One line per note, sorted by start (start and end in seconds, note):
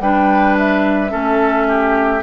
0.00 1.11 G3
0.00 1.10 D4
0.00 1.11 B4
0.00 0.57 G5
0.58 2.22 E5
1.10 2.22 A3
1.10 2.21 C#4
1.10 1.67 A4
1.68 2.22 G4